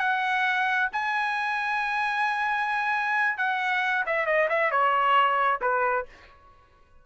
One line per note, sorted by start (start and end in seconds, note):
0.00 0.90 F#5
0.93 3.38 G#5
3.38 4.05 F#5
4.06 4.27 E5
4.27 4.49 D#5
4.50 4.71 E5
4.71 5.61 C#5
5.62 6.06 B4